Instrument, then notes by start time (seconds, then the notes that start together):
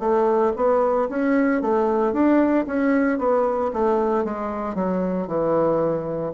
bassoon
0.00 A3
0.56 B3
1.10 C#4
1.62 A3
2.13 D4
2.67 C#4
3.19 B3
3.74 A3
4.25 G#3
4.76 F#3
5.28 E3